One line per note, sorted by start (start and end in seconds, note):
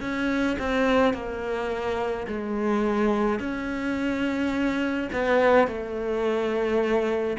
0.00 0.57 C#4
0.59 1.13 C4
1.13 2.26 A#3
2.27 3.39 G#3
3.39 5.09 C#4
5.13 5.67 B3
5.67 7.37 A3